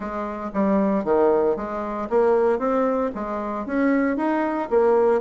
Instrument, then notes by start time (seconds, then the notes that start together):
bassoon
0.00 G#3
0.53 G3
1.04 D#3
1.56 G#3
2.09 A#3
2.58 C4
3.14 G#3
3.65 C#4
4.16 D#4
4.70 A#3